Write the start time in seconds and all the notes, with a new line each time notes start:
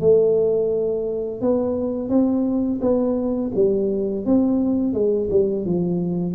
0.00 A3
1.41 B3
2.09 C4
2.81 B3
3.55 G3
4.25 C4
4.93 G#3
5.30 G3
5.65 F3